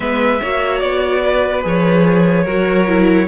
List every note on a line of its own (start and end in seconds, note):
0.00 0.40 G#3
0.00 0.40 B3
0.00 0.41 B4
0.00 0.80 E5
0.41 0.82 A#3
0.41 1.62 F#4
0.41 1.22 C#5
0.80 1.64 B3
0.80 1.62 D5
1.22 2.43 B4
1.62 2.46 F3
1.62 2.44 G#4
1.62 3.28 C#5
2.43 3.28 F#3
2.43 2.87 F#4
2.43 3.25 A#4
2.87 3.28 E4